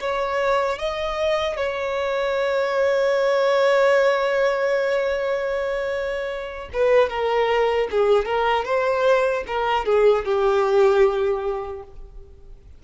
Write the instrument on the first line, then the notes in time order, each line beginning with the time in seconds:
violin
0.00 C#5
0.78 D#5
1.56 C#5
6.73 B4
7.09 A#4
7.91 G#4
8.25 A#4
8.64 C5
9.47 A#4
9.85 G#4
10.25 G4